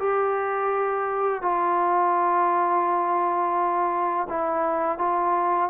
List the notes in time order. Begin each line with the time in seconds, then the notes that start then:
0.00 G4
1.42 F4
4.30 E4
4.99 F4